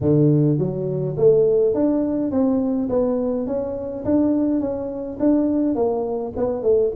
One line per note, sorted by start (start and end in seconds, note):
0.01 0.58 D3
0.58 1.16 F#3
1.17 1.74 A3
1.74 2.31 D4
2.31 2.88 C4
2.89 3.46 B3
3.46 4.04 C#4
4.05 4.60 D4
4.60 5.18 C#4
5.19 5.75 D4
5.75 6.33 A#3
6.36 6.62 B3
6.62 6.91 A3